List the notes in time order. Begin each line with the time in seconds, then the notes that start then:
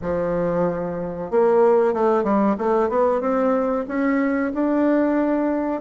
0.01 F3
1.30 A#3
1.93 A3
2.23 G3
2.58 A3
2.89 B3
3.20 C4
3.87 C#4
4.53 D4